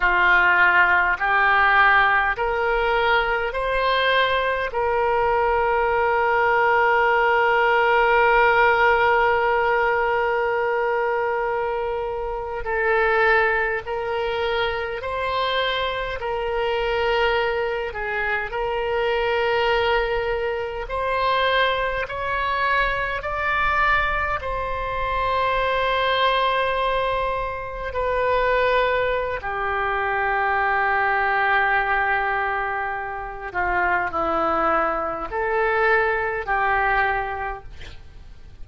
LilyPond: \new Staff \with { instrumentName = "oboe" } { \time 4/4 \tempo 4 = 51 f'4 g'4 ais'4 c''4 | ais'1~ | ais'2~ ais'8. a'4 ais'16~ | ais'8. c''4 ais'4. gis'8 ais'16~ |
ais'4.~ ais'16 c''4 cis''4 d''16~ | d''8. c''2. b'16~ | b'4 g'2.~ | g'8 f'8 e'4 a'4 g'4 | }